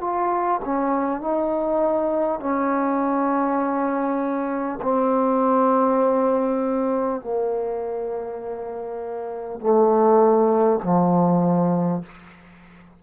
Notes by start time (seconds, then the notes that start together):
0.00 F4
0.64 C#4
1.21 D#4
2.39 C#4
4.82 C4
7.21 A#3
9.60 A3
10.83 F3